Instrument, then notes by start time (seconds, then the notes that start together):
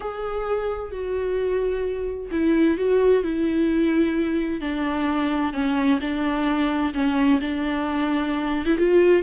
viola
0.00 G#4
0.91 F#4
2.31 E4
2.77 F#4
3.23 E4
4.60 D4
5.53 C#4
6.00 D4
6.93 C#4
7.41 D4
8.65 E4
8.77 F4